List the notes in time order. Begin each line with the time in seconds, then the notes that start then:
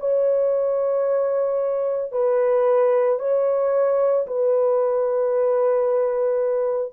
0.00 C#5
2.12 B4
3.19 C#5
4.27 B4